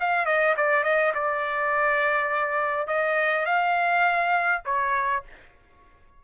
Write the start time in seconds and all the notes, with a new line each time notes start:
0.00 F5
0.26 D#5
0.57 D5
0.84 D#5
1.15 D5
2.87 D#5
3.46 F5
4.65 C#5